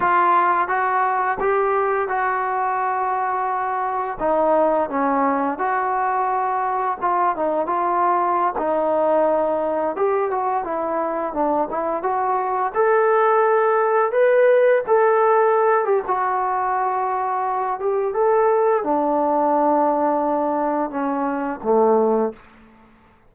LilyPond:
\new Staff \with { instrumentName = "trombone" } { \time 4/4 \tempo 4 = 86 f'4 fis'4 g'4 fis'4~ | fis'2 dis'4 cis'4 | fis'2 f'8 dis'8 f'4~ | f'16 dis'2 g'8 fis'8 e'8.~ |
e'16 d'8 e'8 fis'4 a'4.~ a'16~ | a'16 b'4 a'4. g'16 fis'4~ | fis'4. g'8 a'4 d'4~ | d'2 cis'4 a4 | }